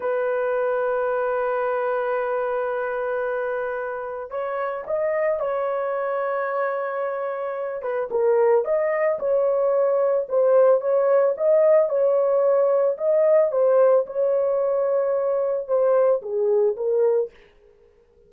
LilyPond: \new Staff \with { instrumentName = "horn" } { \time 4/4 \tempo 4 = 111 b'1~ | b'1 | cis''4 dis''4 cis''2~ | cis''2~ cis''8 b'8 ais'4 |
dis''4 cis''2 c''4 | cis''4 dis''4 cis''2 | dis''4 c''4 cis''2~ | cis''4 c''4 gis'4 ais'4 | }